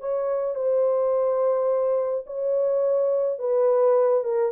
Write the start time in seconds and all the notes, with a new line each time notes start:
0.00 C#5
0.55 C5
2.26 C#5
3.39 B4
4.24 A#4